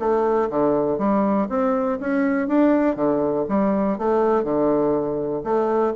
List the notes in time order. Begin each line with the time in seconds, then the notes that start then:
0.00 A3
0.50 D3
0.98 G3
1.50 C4
2.01 C#4
2.48 D4
2.96 D3
3.49 G3
3.98 A3
4.44 D3
5.44 A3